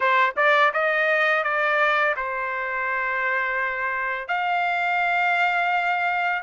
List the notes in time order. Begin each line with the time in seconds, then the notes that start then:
0.00 C5
0.36 D5
0.73 D#5
1.43 D5
2.16 C5
4.28 F5